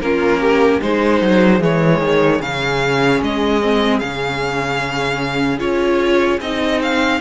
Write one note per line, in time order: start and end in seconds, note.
0.00 0.80 A#3
0.00 0.82 C#4
0.00 0.41 F4
0.00 0.81 A#4
0.41 0.80 G4
0.80 1.21 G#3
0.80 1.60 D#4
0.80 7.20 G#4
0.80 1.62 C5
1.21 1.60 F#3
1.60 2.00 E3
1.60 2.40 G#3
1.60 2.42 C#5
2.00 2.40 D#3
2.41 3.21 C#3
2.41 3.61 C#4
2.41 3.22 F5
3.22 4.02 G#3
3.22 3.99 D#5
3.61 4.01 C4
3.99 5.60 C#3
3.99 5.59 C#4
3.99 5.59 F5
5.59 6.40 C#4
5.59 6.39 F4
5.59 6.40 C#5
6.41 7.21 C4
6.41 7.21 D#4
6.41 6.81 D#5
6.82 7.21 F5